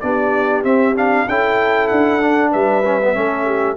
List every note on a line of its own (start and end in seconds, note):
0.00 0.64 B3
0.00 0.63 D4
0.00 1.28 G4
0.00 0.62 D5
0.63 0.95 C4
0.63 1.26 C4
0.63 0.95 E5
0.95 1.27 D4
0.95 1.28 F5
1.28 1.90 C#4
1.28 2.21 E4
1.28 2.51 A4
1.28 1.87 G5
1.87 2.54 D4
1.87 2.50 F#5
2.21 2.83 D4
2.51 3.16 G3
2.51 3.13 B4
2.51 3.77 E5
2.85 3.01 C#4
3.01 3.14 B3
3.14 3.77 A3
3.14 3.76 C#4
3.14 3.45 A4
3.45 3.76 G4